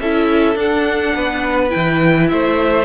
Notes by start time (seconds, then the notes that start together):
0.00 C#4 E4 A4 E5
0.56 D4 F#5
1.15 B3 B4
1.70 E3 E4 G5
2.29 A3 C5 E5